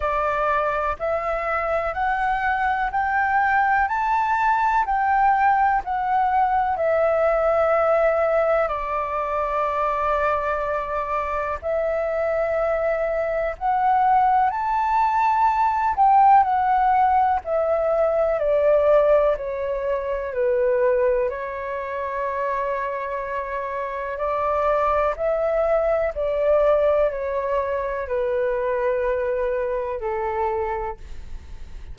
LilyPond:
\new Staff \with { instrumentName = "flute" } { \time 4/4 \tempo 4 = 62 d''4 e''4 fis''4 g''4 | a''4 g''4 fis''4 e''4~ | e''4 d''2. | e''2 fis''4 a''4~ |
a''8 g''8 fis''4 e''4 d''4 | cis''4 b'4 cis''2~ | cis''4 d''4 e''4 d''4 | cis''4 b'2 a'4 | }